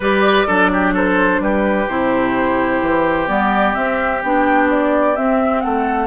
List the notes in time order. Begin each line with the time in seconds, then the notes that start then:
0.00 G3 G4 B4 D5
0.46 F#3 D4 A4
0.72 G4
0.93 A4 C5
1.39 G3 G4 B4
1.88 C3 E4 C5
2.81 E3
3.27 G3 B3 D5
3.73 C4 E5
4.22 B3 D4 G5
4.70 D5
5.15 C4 E5
5.61 A3 A4 F#5